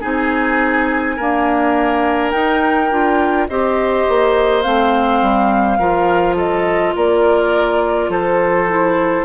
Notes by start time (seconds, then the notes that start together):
0.00 C4 D#4 G#4 G#5
1.16 A#3 D4 A#4
2.31 D#4 G5
2.91 D4 F4
3.48 C4 G4 C5 D#5
4.08 A#3
4.62 A3 C4 F5
5.21 G3
5.78 F3 F4 A#4
6.36 A4 D#5
6.96 A#3 A#4 D5
8.09 F3 A4 C5
8.68 E4